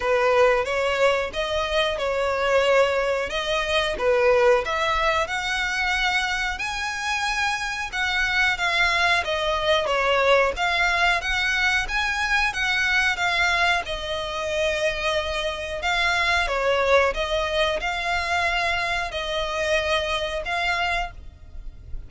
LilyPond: \new Staff \with { instrumentName = "violin" } { \time 4/4 \tempo 4 = 91 b'4 cis''4 dis''4 cis''4~ | cis''4 dis''4 b'4 e''4 | fis''2 gis''2 | fis''4 f''4 dis''4 cis''4 |
f''4 fis''4 gis''4 fis''4 | f''4 dis''2. | f''4 cis''4 dis''4 f''4~ | f''4 dis''2 f''4 | }